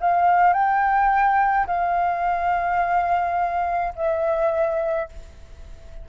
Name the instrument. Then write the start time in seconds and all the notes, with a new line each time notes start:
flute
0.00 F5
0.53 G5
1.67 F5
3.96 E5